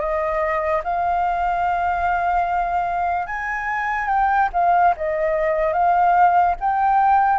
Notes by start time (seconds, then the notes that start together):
0.00 D#5
0.84 F5
3.27 G#5
4.08 G5
4.54 F5
4.97 D#5
5.73 F5
6.61 G5